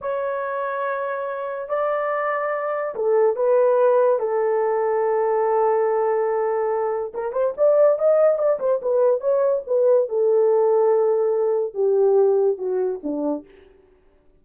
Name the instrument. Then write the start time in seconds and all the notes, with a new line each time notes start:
horn
0.01 C#5
1.69 D5
2.95 A4
3.35 B4
4.19 A4
7.13 A#4
7.32 C5
7.57 D5
7.98 D#5
8.38 D5
8.59 C5
8.82 B4
9.20 C#5
9.66 B4
10.08 A4
11.74 G4
12.58 F#4
13.03 D4